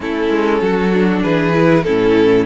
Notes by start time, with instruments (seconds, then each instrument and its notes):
0.00 cello A3, viola C#4, violin E4 A4
0.29 cello G#3
0.61 cello F#3, violin F#4
0.93 viola D4
1.22 cello E3, violin G#4 B4
1.52 viola E4
1.83 cello A2, viola C#4, violin E4 A4